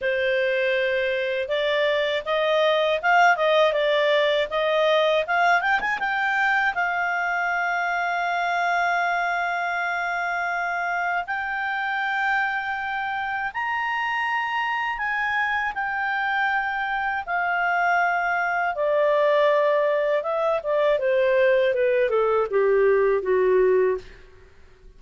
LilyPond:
\new Staff \with { instrumentName = "clarinet" } { \time 4/4 \tempo 4 = 80 c''2 d''4 dis''4 | f''8 dis''8 d''4 dis''4 f''8 g''16 gis''16 | g''4 f''2.~ | f''2. g''4~ |
g''2 ais''2 | gis''4 g''2 f''4~ | f''4 d''2 e''8 d''8 | c''4 b'8 a'8 g'4 fis'4 | }